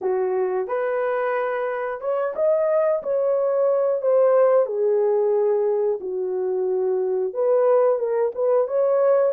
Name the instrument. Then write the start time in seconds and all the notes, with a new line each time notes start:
horn
0.01 F#4
0.67 B4
2.00 C#5
2.35 D#5
3.02 C#5
4.02 C5
4.65 G#4
6.00 F#4
7.33 B4
7.98 A#4
8.35 B4
8.67 C#5